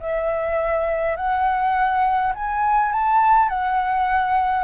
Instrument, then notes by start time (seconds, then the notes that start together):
flute
0.00 E5
1.17 F#5
2.35 G#5
2.93 A5
3.49 F#5